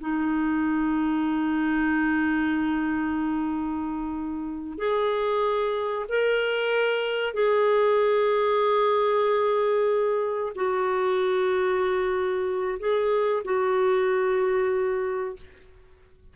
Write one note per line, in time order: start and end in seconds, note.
0.00 4.78 D#4
4.78 6.06 G#4
6.09 7.34 A#4
7.34 10.53 G#4
10.55 12.79 F#4
12.79 13.43 G#4
13.45 15.36 F#4